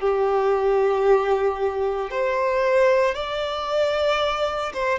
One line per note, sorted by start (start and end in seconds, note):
0.00 2.11 G4
2.11 3.14 C5
3.14 4.72 D5
4.73 4.99 C5